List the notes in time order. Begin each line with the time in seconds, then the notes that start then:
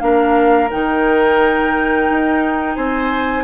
0.00 A#3 D4 A#4 F5
0.71 D#3 D#4 G5
2.10 D#4
2.76 C4 C5 G#5